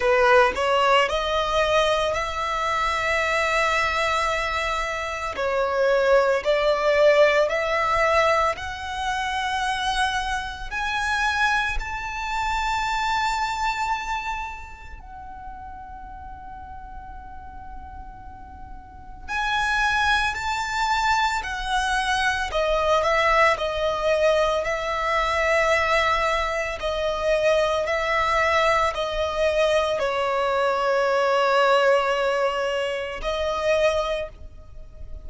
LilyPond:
\new Staff \with { instrumentName = "violin" } { \time 4/4 \tempo 4 = 56 b'8 cis''8 dis''4 e''2~ | e''4 cis''4 d''4 e''4 | fis''2 gis''4 a''4~ | a''2 fis''2~ |
fis''2 gis''4 a''4 | fis''4 dis''8 e''8 dis''4 e''4~ | e''4 dis''4 e''4 dis''4 | cis''2. dis''4 | }